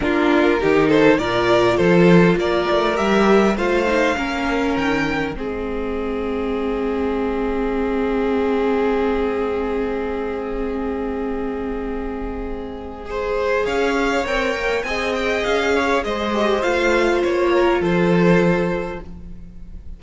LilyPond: <<
  \new Staff \with { instrumentName = "violin" } { \time 4/4 \tempo 4 = 101 ais'4. c''8 d''4 c''4 | d''4 e''4 f''2 | g''4 dis''2.~ | dis''1~ |
dis''1~ | dis''2. f''4 | g''4 gis''8 g''8 f''4 dis''4 | f''4 cis''4 c''2 | }
  \new Staff \with { instrumentName = "violin" } { \time 4/4 f'4 g'8 a'8 ais'4 a'4 | ais'2 c''4 ais'4~ | ais'4 gis'2.~ | gis'1~ |
gis'1~ | gis'2 c''4 cis''4~ | cis''4 dis''4. cis''8 c''4~ | c''4. ais'8 a'2 | }
  \new Staff \with { instrumentName = "viola" } { \time 4/4 d'4 dis'4 f'2~ | f'4 g'4 f'8 dis'8 cis'4~ | cis'4 c'2.~ | c'1~ |
c'1~ | c'2 gis'2 | ais'4 gis'2~ gis'8 g'8 | f'1 | }
  \new Staff \with { instrumentName = "cello" } { \time 4/4 ais4 dis4 ais,4 f4 | ais8 a8 g4 a4 ais4 | dis4 gis2.~ | gis1~ |
gis1~ | gis2. cis'4 | c'8 ais8 c'4 cis'4 gis4 | a4 ais4 f2 | }
>>